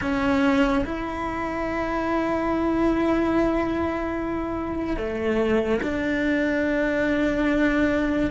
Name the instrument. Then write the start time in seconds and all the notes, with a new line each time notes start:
cello
0.01 C#4
0.85 E4
4.97 A3
5.83 D4